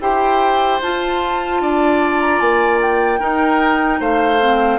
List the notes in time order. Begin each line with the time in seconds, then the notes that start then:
0.00 E4 G4 C5 G5
0.81 F4 A5
1.61 D4 D5
2.20 A#5
2.39 A#3 G#5
2.81 G5
3.19 D#4 A#4
4.00 A3 C5 F5
4.40 C4